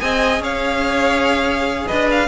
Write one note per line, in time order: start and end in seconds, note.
0.00 0.39 C4
0.00 2.28 G#4
0.00 0.43 D#5
0.00 0.42 G#5
0.39 1.85 C#4
0.39 1.87 C#5
0.39 1.87 F5
1.87 2.28 D4
1.87 2.28 B4
1.87 2.08 D#5
2.11 2.28 F5